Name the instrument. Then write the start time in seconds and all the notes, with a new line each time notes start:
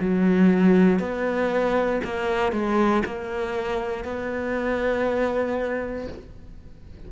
cello
0.00 F#3
0.99 B3
2.04 A#3
2.51 G#3
3.05 A#3
4.04 B3